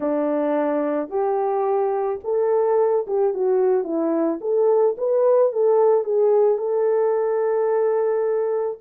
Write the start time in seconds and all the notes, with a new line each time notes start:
0.00 D4
1.09 G4
2.24 A4
3.07 G4
3.34 F#4
3.84 E4
4.40 A4
4.97 B4
5.52 A4
6.04 G#4
6.58 A4